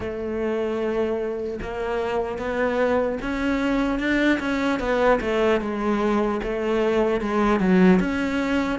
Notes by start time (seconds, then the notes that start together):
0.00 A3
1.61 A#3
2.38 B3
3.21 C#4
3.99 D4
4.39 C#4
4.79 B3
5.20 A3
5.60 G#3
6.43 A3
7.20 G#3
7.60 F#3
7.99 C#4